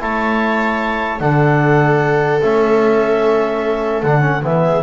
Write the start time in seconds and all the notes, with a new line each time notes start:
0.00 A3 E4 C#5 A5
1.20 D3 D4 A4 F#5
2.42 A3 C#4 E5
4.03 D3 D4 F#5
4.21 C#4
4.43 E3 B3 E5
4.65 G#4